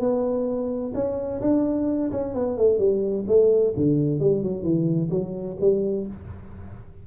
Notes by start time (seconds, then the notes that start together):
0.00 B3
0.94 C#4
1.41 D4
2.12 C#4
2.34 B3
2.58 A3
2.79 G3
3.28 A3
3.77 D3
4.20 G3
4.43 F#3
4.63 E3
5.11 F#3
5.60 G3